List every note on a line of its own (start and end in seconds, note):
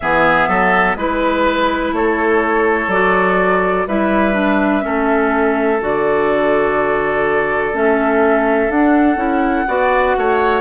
0.00 0.48 E3
0.00 0.97 B3
0.00 0.48 G#4
0.00 0.96 E5
0.48 0.95 F#3
0.48 0.96 A4
0.95 1.92 G#3
0.95 2.91 E4
0.95 1.93 B4
0.95 1.95 B4
1.92 2.87 A3
1.92 3.87 A4
1.92 2.90 C#5
2.87 3.84 F#3
2.87 3.88 F#4
2.87 3.87 D5
3.87 4.84 G3
3.87 4.33 E4
3.87 4.84 B4
3.87 5.81 E5
4.33 4.81 D4
4.81 5.80 A3
4.81 5.78 C#4
4.81 9.67 A4
5.80 7.73 D3
5.80 7.73 F#4
5.80 7.76 D5
7.73 8.69 A3
7.73 8.70 C#4
7.73 8.71 E5
8.69 9.16 D4
8.69 9.17 D4
8.69 10.60 F#5
9.16 9.64 C#4
9.16 9.65 E4
9.67 10.16 B3
9.67 10.60 F#4
9.67 10.16 D5
10.17 10.60 A3
10.17 10.60 C#5